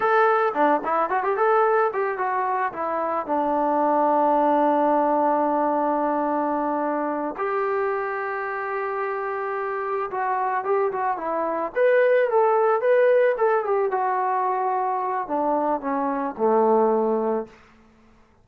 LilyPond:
\new Staff \with { instrumentName = "trombone" } { \time 4/4 \tempo 4 = 110 a'4 d'8 e'8 fis'16 g'16 a'4 g'8 | fis'4 e'4 d'2~ | d'1~ | d'4. g'2~ g'8~ |
g'2~ g'8 fis'4 g'8 | fis'8 e'4 b'4 a'4 b'8~ | b'8 a'8 g'8 fis'2~ fis'8 | d'4 cis'4 a2 | }